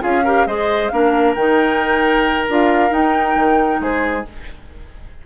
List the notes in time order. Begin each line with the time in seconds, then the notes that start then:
0.00 C#4 F4 G#4 F5
0.24 G4 A#4
0.46 G#3 G#4 C5 D#5
0.89 A#3 D4 A#4 F5
1.34 D#3 D#4 G5
2.48 D4 F4 F5
2.90 D#4 G5
3.35 D#3
3.80 G#3 G#4 C5